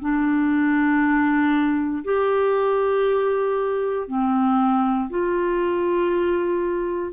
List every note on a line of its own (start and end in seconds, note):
0.00 2.03 D4
2.04 4.08 G4
4.08 5.09 C4
5.10 7.12 F4